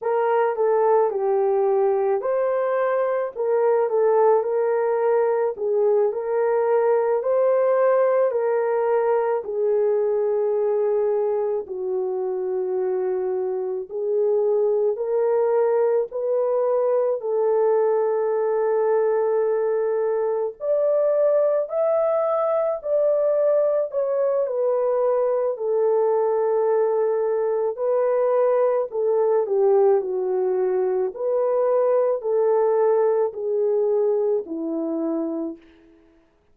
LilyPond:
\new Staff \with { instrumentName = "horn" } { \time 4/4 \tempo 4 = 54 ais'8 a'8 g'4 c''4 ais'8 a'8 | ais'4 gis'8 ais'4 c''4 ais'8~ | ais'8 gis'2 fis'4.~ | fis'8 gis'4 ais'4 b'4 a'8~ |
a'2~ a'8 d''4 e''8~ | e''8 d''4 cis''8 b'4 a'4~ | a'4 b'4 a'8 g'8 fis'4 | b'4 a'4 gis'4 e'4 | }